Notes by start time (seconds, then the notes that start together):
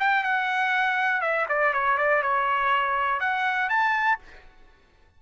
0.00 G5
0.24 F#5
1.21 E5
1.49 D5
1.74 C#5
1.98 D5
2.23 C#5
3.20 F#5
3.69 A5